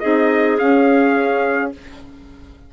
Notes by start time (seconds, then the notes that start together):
0.00 C4 D#4 G#4 D#5
0.58 C#4 F5